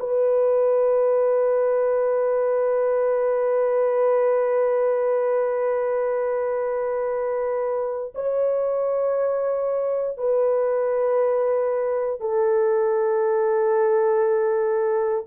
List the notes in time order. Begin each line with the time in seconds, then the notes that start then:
0.00 B4
8.15 C#5
10.17 B4
12.21 A4